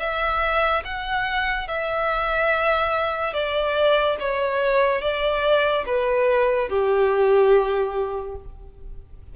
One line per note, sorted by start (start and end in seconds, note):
0.00 0.83 E5
0.85 1.68 F#5
1.68 3.34 E5
3.34 4.17 D5
4.20 5.02 C#5
5.02 5.85 D5
5.86 6.70 B4
6.70 8.36 G4